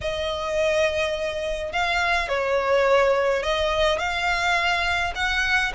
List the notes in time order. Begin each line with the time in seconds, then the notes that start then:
0.01 D#5
1.72 F5
2.28 C#5
3.43 D#5
3.98 F5
5.15 F#5